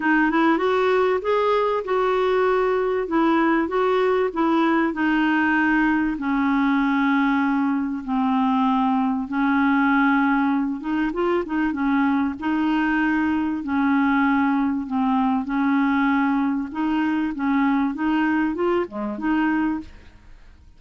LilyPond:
\new Staff \with { instrumentName = "clarinet" } { \time 4/4 \tempo 4 = 97 dis'8 e'8 fis'4 gis'4 fis'4~ | fis'4 e'4 fis'4 e'4 | dis'2 cis'2~ | cis'4 c'2 cis'4~ |
cis'4. dis'8 f'8 dis'8 cis'4 | dis'2 cis'2 | c'4 cis'2 dis'4 | cis'4 dis'4 f'8 gis8 dis'4 | }